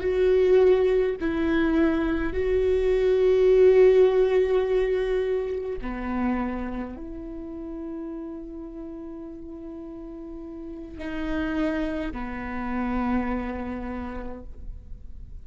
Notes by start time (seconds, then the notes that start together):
0.00 F#4
1.20 E4
2.33 F#4
5.81 B3
6.96 E4
10.98 D#4
12.13 B3